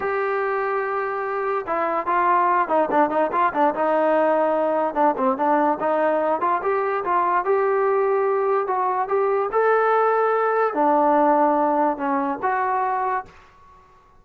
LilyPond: \new Staff \with { instrumentName = "trombone" } { \time 4/4 \tempo 4 = 145 g'1 | e'4 f'4. dis'8 d'8 dis'8 | f'8 d'8 dis'2. | d'8 c'8 d'4 dis'4. f'8 |
g'4 f'4 g'2~ | g'4 fis'4 g'4 a'4~ | a'2 d'2~ | d'4 cis'4 fis'2 | }